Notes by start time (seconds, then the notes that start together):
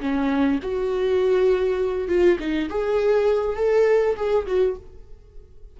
0.00 C#4
0.63 F#4
2.08 F4
2.39 D#4
2.69 G#4
3.56 A4
4.16 G#4
4.47 F#4